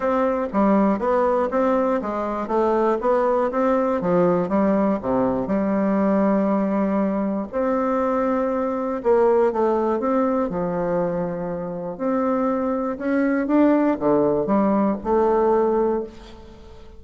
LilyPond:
\new Staff \with { instrumentName = "bassoon" } { \time 4/4 \tempo 4 = 120 c'4 g4 b4 c'4 | gis4 a4 b4 c'4 | f4 g4 c4 g4~ | g2. c'4~ |
c'2 ais4 a4 | c'4 f2. | c'2 cis'4 d'4 | d4 g4 a2 | }